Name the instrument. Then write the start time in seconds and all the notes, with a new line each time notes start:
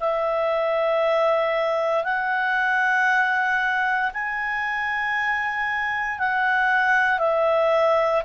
clarinet
0.00 E5
2.04 F#5
4.14 G#5
6.19 F#5
7.19 E5